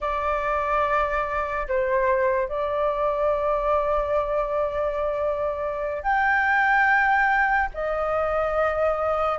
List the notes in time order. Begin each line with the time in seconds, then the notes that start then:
0.00 D5
1.68 C5
2.48 D5
6.02 G5
7.73 D#5